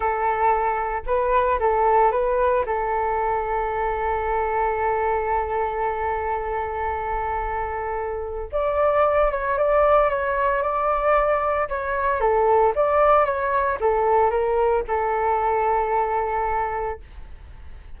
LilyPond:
\new Staff \with { instrumentName = "flute" } { \time 4/4 \tempo 4 = 113 a'2 b'4 a'4 | b'4 a'2.~ | a'1~ | a'1 |
d''4. cis''8 d''4 cis''4 | d''2 cis''4 a'4 | d''4 cis''4 a'4 ais'4 | a'1 | }